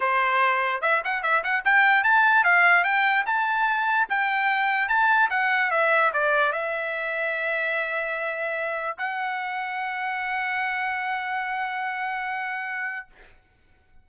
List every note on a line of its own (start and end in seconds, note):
0.00 0.81 C5
0.81 1.02 E5
1.04 1.22 F#5
1.22 1.43 E5
1.43 1.64 F#5
1.64 2.03 G5
2.03 2.44 A5
2.44 2.84 F5
2.84 3.24 G5
3.25 4.07 A5
4.09 4.88 G5
4.88 5.29 A5
5.29 5.70 F#5
5.71 6.11 E5
6.13 6.52 D5
6.52 8.97 E5
8.98 13.06 F#5